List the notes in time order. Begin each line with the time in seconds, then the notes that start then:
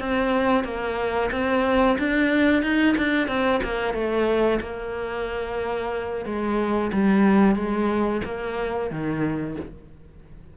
0.00 C4
0.64 A#3
1.32 C4
1.99 D4
2.63 D#4
2.98 D4
3.28 C4
3.64 A#3
3.94 A3
4.61 A#3
6.26 G#3
6.93 G3
7.56 G#3
8.25 A#3
8.91 D#3